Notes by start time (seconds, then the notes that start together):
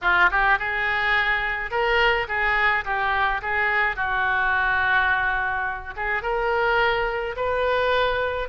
0.01 F4
0.30 G4
0.58 G#4
1.70 A#4
2.28 G#4
2.84 G4
3.42 G#4
3.96 F#4
5.96 G#4
6.22 A#4
7.36 B4